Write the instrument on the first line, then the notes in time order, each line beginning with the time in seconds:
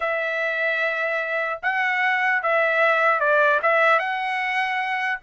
trumpet
0.00 E5
1.62 F#5
2.42 E5
3.19 D5
3.62 E5
3.99 F#5